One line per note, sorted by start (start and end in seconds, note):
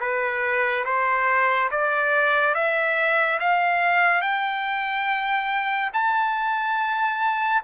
0.00 0.85 B4
0.85 1.69 C5
1.71 2.54 D5
2.54 3.39 E5
3.40 4.21 F5
4.21 5.90 G5
5.93 7.62 A5